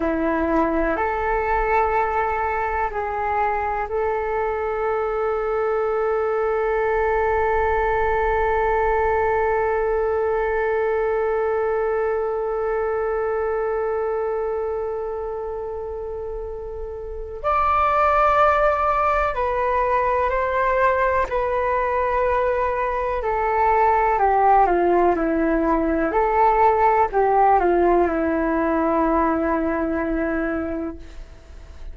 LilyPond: \new Staff \with { instrumentName = "flute" } { \time 4/4 \tempo 4 = 62 e'4 a'2 gis'4 | a'1~ | a'1~ | a'1~ |
a'2 d''2 | b'4 c''4 b'2 | a'4 g'8 f'8 e'4 a'4 | g'8 f'8 e'2. | }